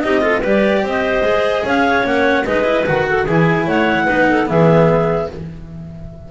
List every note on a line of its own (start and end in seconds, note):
0.00 0.43 C4
0.00 0.21 D#4
0.00 0.22 G4
0.00 0.41 D#5
0.21 0.41 F4
0.21 0.40 A4
0.40 0.83 G3
0.40 1.23 G4
0.40 0.80 B4
0.46 0.86 D5
0.83 1.22 C4
0.83 1.64 C5
0.83 1.66 D#5
1.22 1.63 G#3
1.22 2.03 G#4
1.64 2.04 C#4
1.64 2.46 C#5
1.64 2.06 F5
2.03 2.45 A#3
2.03 2.44 C#4
2.03 2.45 F#5
2.45 2.87 G#3
2.45 2.64 D#4
2.45 3.07 B4
2.45 2.85 D#5
2.64 2.84 E4
2.86 3.27 D#3
2.86 3.26 F#4
2.86 3.27 F#5
3.09 3.24 A4
3.24 3.67 E3
3.24 4.07 E4
3.24 3.64 G#4
3.24 3.68 G#5
3.66 4.07 A3
3.66 4.05 C#5
3.66 4.48 F#5
4.05 4.49 B3
4.05 4.46 D#4
4.05 4.25 B4
4.29 4.49 A4
4.46 5.30 E3
4.46 5.27 B3
4.46 5.30 G#4
4.46 5.29 E5